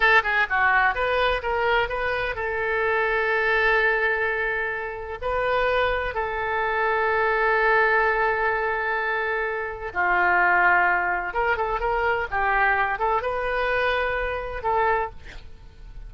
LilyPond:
\new Staff \with { instrumentName = "oboe" } { \time 4/4 \tempo 4 = 127 a'8 gis'8 fis'4 b'4 ais'4 | b'4 a'2.~ | a'2. b'4~ | b'4 a'2.~ |
a'1~ | a'4 f'2. | ais'8 a'8 ais'4 g'4. a'8 | b'2. a'4 | }